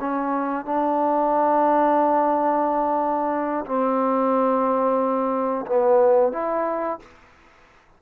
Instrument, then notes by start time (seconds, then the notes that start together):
trombone
0.00 C#4
0.65 D4
3.66 C4
5.67 B3
6.33 E4